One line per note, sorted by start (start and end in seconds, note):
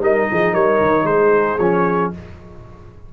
0.00 0.26 G3
0.00 1.59 D#4
0.00 0.29 A#4
0.00 0.54 D#5
0.31 0.54 F3
0.31 0.53 G#4
0.53 0.80 G3
0.53 1.06 A#4
0.53 1.06 C#5
0.81 1.04 D#3
1.04 1.56 G#3
1.04 2.13 G#4
1.04 1.58 C5
1.58 2.12 F3
1.58 2.13 C#4
1.58 2.11 C#5